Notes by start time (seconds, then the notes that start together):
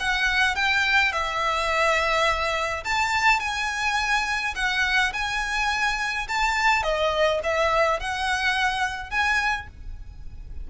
0.00 F#5
0.56 G5
1.12 E5
2.84 A5
3.40 G#5
4.56 F#5
5.13 G#5
6.28 A5
6.83 D#5
7.43 E5
8.00 F#5
9.10 G#5